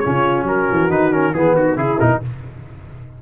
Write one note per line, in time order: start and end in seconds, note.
0.00 0.43 C#3
0.00 0.90 C#4
0.00 0.48 F4
0.00 0.43 C#5
0.43 0.65 F#3
0.43 1.33 F#4
0.43 0.91 A#4
0.72 0.90 E3
0.90 1.34 D#3
0.90 1.12 D#4
0.90 1.13 B4
1.12 1.34 C#4
1.12 1.34 A#4
1.33 1.54 E3
1.33 1.76 B3
1.33 1.55 G#4
1.33 1.56 G#4
1.54 1.76 D#3
1.54 1.78 F#4
1.76 1.98 C#3
1.76 1.98 E4
1.76 2.22 E4
1.76 1.99 G#4
1.99 2.22 B2
1.99 2.22 D#4
1.99 2.21 A#4